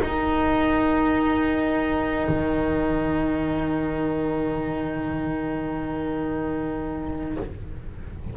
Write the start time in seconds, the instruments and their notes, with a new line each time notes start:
0.00 cello D#4, double bass D#4, clarinet A#4 G5
2.28 double bass D#3